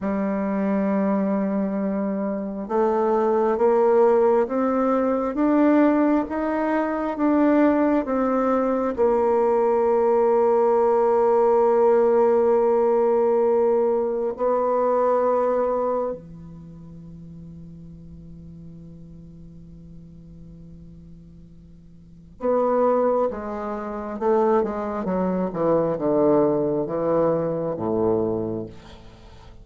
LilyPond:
\new Staff \with { instrumentName = "bassoon" } { \time 4/4 \tempo 4 = 67 g2. a4 | ais4 c'4 d'4 dis'4 | d'4 c'4 ais2~ | ais1 |
b2 e2~ | e1~ | e4 b4 gis4 a8 gis8 | fis8 e8 d4 e4 a,4 | }